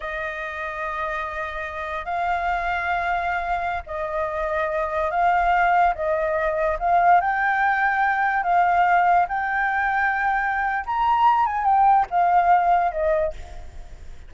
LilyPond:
\new Staff \with { instrumentName = "flute" } { \time 4/4 \tempo 4 = 144 dis''1~ | dis''4 f''2.~ | f''4~ f''16 dis''2~ dis''8.~ | dis''16 f''2 dis''4.~ dis''16~ |
dis''16 f''4 g''2~ g''8.~ | g''16 f''2 g''4.~ g''16~ | g''2 ais''4. gis''8 | g''4 f''2 dis''4 | }